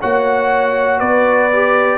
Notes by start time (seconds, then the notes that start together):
0.00 A#3 F#4 C#5 F#5
1.00 B3 B4 D5
1.53 G4